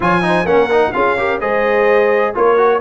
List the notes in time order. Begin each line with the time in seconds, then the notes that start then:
0.00 F3 F4 C#5 G#5
0.22 D#4 C5
0.44 A#3 C#4 F#5
0.51 A#4
0.70 D#4
0.92 C#4 F4 G#4 F5
1.17 G4 A#4
1.40 G#3 G#4 C5 D#5
2.34 A#3 F4 A#4 C#5
2.57 F#4